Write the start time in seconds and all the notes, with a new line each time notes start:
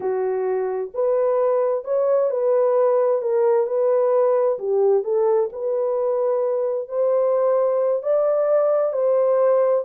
0.00 F#4
0.94 B4
1.84 C#5
2.30 B4
3.21 A#4
3.66 B4
4.58 G4
5.03 A4
5.52 B4
6.88 C5
8.03 D5
8.93 C5